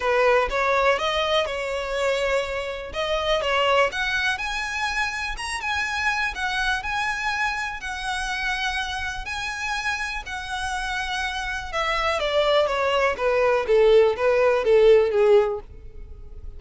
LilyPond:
\new Staff \with { instrumentName = "violin" } { \time 4/4 \tempo 4 = 123 b'4 cis''4 dis''4 cis''4~ | cis''2 dis''4 cis''4 | fis''4 gis''2 ais''8 gis''8~ | gis''4 fis''4 gis''2 |
fis''2. gis''4~ | gis''4 fis''2. | e''4 d''4 cis''4 b'4 | a'4 b'4 a'4 gis'4 | }